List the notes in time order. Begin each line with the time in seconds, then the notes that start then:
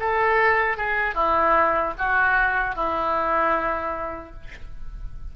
0.00 A4
0.77 G#4
1.15 E4
1.98 F#4
2.76 E4